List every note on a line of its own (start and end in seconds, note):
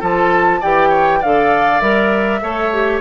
0.00 0.62 F3
0.00 0.61 F4
0.00 0.60 A4
0.00 0.63 A5
0.60 1.23 E3
0.60 1.22 G4
0.60 0.89 D5
0.60 1.23 G5
0.89 1.19 C#5
1.20 1.81 D3
1.20 1.81 A4
1.20 2.40 D5
1.20 1.80 F5
1.80 2.41 G3
1.80 2.41 A#4
1.80 3.00 E5
2.42 3.01 A3
2.42 2.72 A4
2.42 3.01 C#5
2.73 3.01 G4